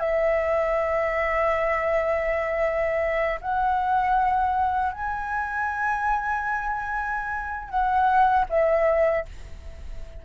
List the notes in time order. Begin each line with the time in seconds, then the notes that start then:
0.00 E5
3.42 F#5
4.93 G#5
7.70 F#5
8.50 E5